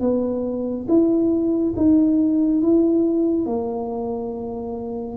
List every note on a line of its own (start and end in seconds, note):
0.00 0.86 B3
0.88 1.74 E4
1.76 2.61 D#4
2.61 3.46 E4
3.46 5.17 A#3